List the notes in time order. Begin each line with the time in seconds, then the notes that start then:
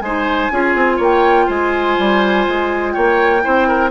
0.00 G#3 D#4 C5 G#5
0.51 C#4 F4 G#4
0.74 C4
0.96 A#3 C#5
1.02 G5
1.46 G#3 C5 G#5
1.98 G3
2.47 G#3
2.92 A#3 C#5 G5
3.41 C4 E4 C5
3.67 A#4